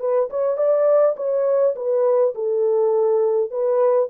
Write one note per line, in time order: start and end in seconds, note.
0.00 0.29 B4
0.30 0.57 C#5
0.57 1.15 D5
1.17 1.75 C#5
1.76 2.34 B4
2.35 3.51 A4
3.51 4.09 B4